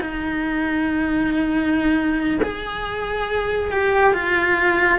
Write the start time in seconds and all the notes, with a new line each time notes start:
0.00 D#4
2.42 G#4
3.70 G4
4.13 F4